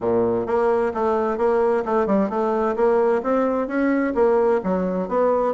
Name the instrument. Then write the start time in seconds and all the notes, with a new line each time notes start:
bassoon
0.00 A#2
0.46 A#3
0.94 A3
1.37 A#3
1.85 A3
2.06 G3
2.29 A3
2.76 A#3
3.23 C4
3.67 C#4
4.14 A#3
4.63 F#3
5.08 B3